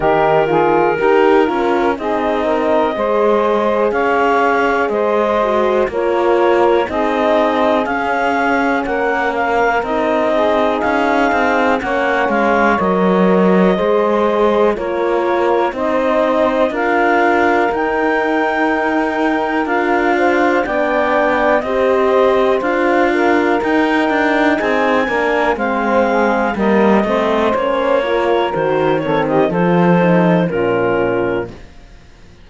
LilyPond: <<
  \new Staff \with { instrumentName = "clarinet" } { \time 4/4 \tempo 4 = 61 ais'2 dis''2 | f''4 dis''4 cis''4 dis''4 | f''4 fis''8 f''8 dis''4 f''4 | fis''8 f''8 dis''2 cis''4 |
dis''4 f''4 g''2 | f''4 g''4 dis''4 f''4 | g''4 gis''4 f''4 dis''4 | cis''4 c''8 cis''16 dis''16 c''4 ais'4 | }
  \new Staff \with { instrumentName = "saxophone" } { \time 4/4 g'8 gis'8 ais'4 gis'8 ais'8 c''4 | cis''4 c''4 ais'4 gis'4~ | gis'4 ais'4. gis'4. | cis''2 c''4 ais'4 |
c''4 ais'2.~ | ais'8 c''8 d''4 c''4. ais'8~ | ais'4 gis'8 ais'8 c''8 gis'8 ais'8 c''8~ | c''8 ais'4 a'16 g'16 a'4 f'4 | }
  \new Staff \with { instrumentName = "horn" } { \time 4/4 dis'8 f'8 g'8 f'8 dis'4 gis'4~ | gis'4. fis'8 f'4 dis'4 | cis'2 dis'2 | cis'4 ais'4 gis'4 f'4 |
dis'4 f'4 dis'2 | f'4 d'4 g'4 f'4 | dis'4. d'8 c'4 ais8 c'8 | cis'8 f'8 fis'8 c'8 f'8 dis'8 cis'4 | }
  \new Staff \with { instrumentName = "cello" } { \time 4/4 dis4 dis'8 cis'8 c'4 gis4 | cis'4 gis4 ais4 c'4 | cis'4 ais4 c'4 cis'8 c'8 | ais8 gis8 fis4 gis4 ais4 |
c'4 d'4 dis'2 | d'4 b4 c'4 d'4 | dis'8 d'8 c'8 ais8 gis4 g8 a8 | ais4 dis4 f4 ais,4 | }
>>